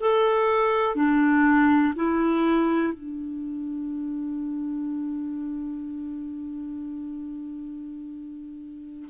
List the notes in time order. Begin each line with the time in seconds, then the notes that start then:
0.00 A4
0.95 D4
1.95 E4
2.93 D4